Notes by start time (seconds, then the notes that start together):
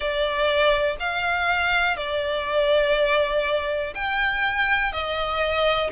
0.00 D5
0.99 F5
1.96 D5
3.94 G5
4.92 D#5